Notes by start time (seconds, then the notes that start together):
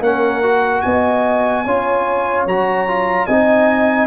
0.00 A#3 C#4 A#4 F#5
0.43 F#4
0.81 B3 D#5 G#5
1.64 C#4 F4 C#5
2.46 F#3 F#4 A#5
2.87 F4
3.26 C4 D#4 D#5 G#5